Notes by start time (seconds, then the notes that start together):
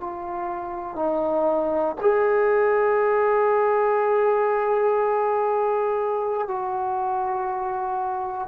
0.00 F4
0.96 D#4
2.01 G#4
6.48 F#4